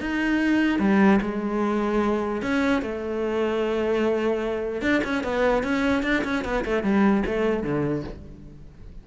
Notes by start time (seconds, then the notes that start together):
0.00 D#4
0.79 G3
1.21 G#3
2.42 C#4
2.82 A3
4.81 D4
5.04 C#4
5.23 B3
5.63 C#4
6.03 D4
6.24 C#4
6.44 B3
6.65 A3
6.83 G3
7.26 A3
7.63 D3